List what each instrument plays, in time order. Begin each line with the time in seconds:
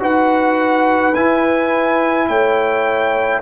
0.00 tuba D#4, trombone F#4, horn B4, trumpet F#5
1.15 trombone E4, tuba E4, trumpet G#5
2.29 tuba A3, horn C#5, trumpet G5